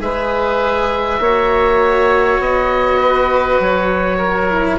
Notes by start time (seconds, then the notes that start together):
0.00 G#3 G#4 B4 E5
1.20 A#3 F#4 C#5
2.39 B3 D#5
3.01 B4
3.60 F#3 C#5
4.18 A#4
4.50 E4